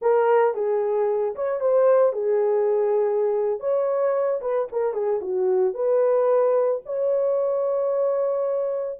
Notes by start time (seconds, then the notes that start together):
0.01 A#4
0.54 G#4
1.35 C#5
1.60 C5
2.13 G#4
3.60 C#5
4.41 B4
4.71 A#4
4.93 G#4
5.21 F#4
5.74 B4
6.85 C#5